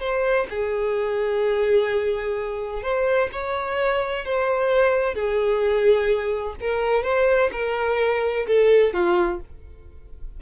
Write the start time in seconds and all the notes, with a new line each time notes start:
0.00 C5
0.50 G#4
2.83 C5
3.33 C#5
4.25 C5
5.15 G#4
6.61 A#4
7.04 C5
7.53 A#4
8.47 A4
8.94 F4